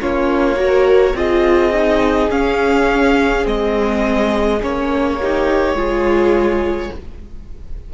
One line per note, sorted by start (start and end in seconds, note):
0.00 1.13 A#3
0.00 0.55 C#4
0.00 0.59 F4
0.00 1.16 C#5
0.55 1.13 F#4
0.55 1.16 A#4
1.13 2.29 C4
1.13 1.72 F4
1.13 5.19 G#4
1.13 2.31 D#5
1.72 2.30 D#4
2.30 3.43 C#4
2.30 3.46 C#4
2.30 3.46 F5
3.43 4.61 G#3
3.43 4.59 C4
3.43 4.62 D#5
4.61 5.74 A#3
4.61 5.19 C#4
4.61 6.93 C#5
5.19 5.76 D#4
5.19 5.76 G4
5.74 6.89 G#3
5.74 6.91 F4
5.74 6.92 G#4